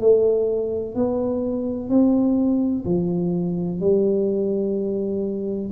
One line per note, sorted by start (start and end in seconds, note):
0.00 0.95 A3
0.95 1.90 B3
1.90 2.85 C4
2.85 3.80 F3
3.81 5.71 G3